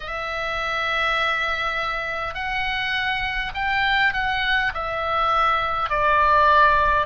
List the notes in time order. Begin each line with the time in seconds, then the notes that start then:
0.00 E5
2.34 F#5
3.54 G5
4.13 F#5
4.73 E5
5.89 D5